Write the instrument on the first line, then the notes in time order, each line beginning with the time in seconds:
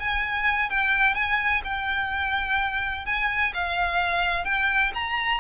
violin
0.00 G#5
0.70 G5
1.14 G#5
1.64 G5
3.06 G#5
3.54 F5
4.45 G5
4.94 A#5